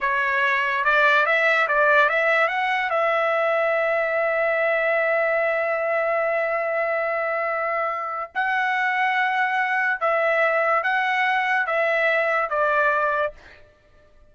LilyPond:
\new Staff \with { instrumentName = "trumpet" } { \time 4/4 \tempo 4 = 144 cis''2 d''4 e''4 | d''4 e''4 fis''4 e''4~ | e''1~ | e''1~ |
e''1 | fis''1 | e''2 fis''2 | e''2 d''2 | }